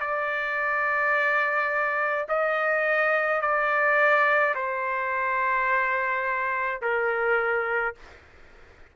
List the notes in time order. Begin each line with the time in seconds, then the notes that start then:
0.00 D5
2.28 D#5
3.41 D5
4.55 C5
6.82 A#4